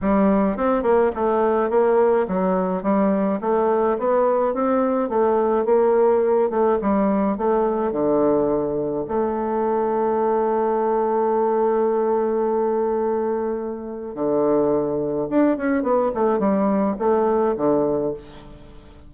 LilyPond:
\new Staff \with { instrumentName = "bassoon" } { \time 4/4 \tempo 4 = 106 g4 c'8 ais8 a4 ais4 | fis4 g4 a4 b4 | c'4 a4 ais4. a8 | g4 a4 d2 |
a1~ | a1~ | a4 d2 d'8 cis'8 | b8 a8 g4 a4 d4 | }